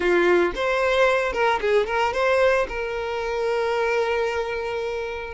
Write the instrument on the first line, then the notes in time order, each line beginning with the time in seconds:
violin
0.00 F4
0.55 C5
1.32 A#4
1.60 G#4
1.86 A#4
2.13 C5
2.68 A#4